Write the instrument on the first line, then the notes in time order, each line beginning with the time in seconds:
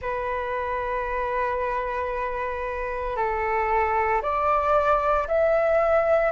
flute
0.01 B4
3.16 A4
4.22 D5
5.27 E5